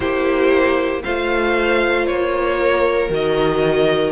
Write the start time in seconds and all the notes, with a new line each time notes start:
0.00 A#3 E4 G4 C5
1.03 A3 F4 C5 F5
2.06 A#3 C#5
2.59 A#4
3.09 D#3 F#4 D#5